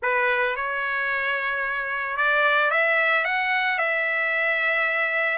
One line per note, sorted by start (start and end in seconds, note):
0.02 0.56 B4
0.56 2.16 C#5
2.16 2.70 D5
2.71 3.25 E5
3.25 3.78 F#5
3.78 5.37 E5